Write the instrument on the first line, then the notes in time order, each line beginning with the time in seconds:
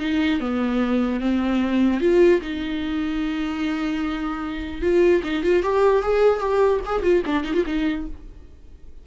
viola
0.00 D#4
0.40 B3
1.21 C4
2.01 F4
2.41 D#4
4.82 F4
5.24 D#4
5.43 F4
5.63 G4
6.03 G#4
6.40 G4
6.86 G#4
7.03 F4
7.26 D4
7.44 D#4
7.54 F4
7.66 D#4